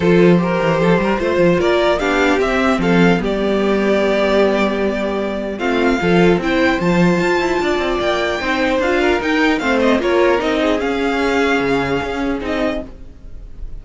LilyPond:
<<
  \new Staff \with { instrumentName = "violin" } { \time 4/4 \tempo 4 = 150 c''1 | d''4 f''4 e''4 f''4 | d''1~ | d''2 f''2 |
g''4 a''2. | g''2 f''4 g''4 | f''8 dis''8 cis''4 dis''4 f''4~ | f''2. dis''4 | }
  \new Staff \with { instrumentName = "violin" } { \time 4/4 a'4 ais'4 a'8 ais'8 c''4 | ais'4 g'2 a'4 | g'1~ | g'2 f'4 a'4 |
c''2. d''4~ | d''4 c''4. ais'4. | c''4 ais'4. gis'4.~ | gis'1 | }
  \new Staff \with { instrumentName = "viola" } { \time 4/4 f'4 g'2 f'4~ | f'4 d'4 c'2 | b1~ | b2 c'4 f'4 |
e'4 f'2.~ | f'4 dis'4 f'4 dis'4 | c'4 f'4 dis'4 cis'4~ | cis'2. dis'4 | }
  \new Staff \with { instrumentName = "cello" } { \time 4/4 f4. e8 f8 g8 a8 f8 | ais4 b4 c'4 f4 | g1~ | g2 a4 f4 |
c'4 f4 f'8 e'8 d'8 c'8 | ais4 c'4 d'4 dis'4 | a4 ais4 c'4 cis'4~ | cis'4 cis4 cis'4 c'4 | }
>>